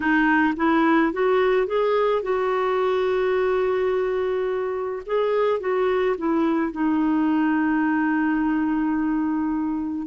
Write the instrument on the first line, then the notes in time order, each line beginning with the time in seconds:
clarinet
0.00 D#4
0.56 E4
1.12 F#4
1.67 G#4
2.22 F#4
5.05 G#4
5.59 F#4
6.17 E4
6.72 D#4